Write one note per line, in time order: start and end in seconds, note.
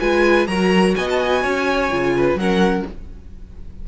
0.00 0.47 G#3
0.00 0.48 F4
0.00 0.48 B4
0.00 0.47 G#5
0.47 0.95 F#3
0.47 1.90 F#4
0.47 0.96 A#4
0.47 0.95 A#5
0.96 1.44 B3
0.96 1.43 D#5
0.96 1.08 G#5
1.10 1.19 A5
1.19 2.38 G#5
1.43 1.92 C#4
1.43 2.14 C#5
1.90 2.35 C#3
1.90 2.38 F4
2.17 2.40 B4
2.35 2.82 F#3
2.35 2.87 C#4
2.35 2.88 A#4
2.35 2.86 F#5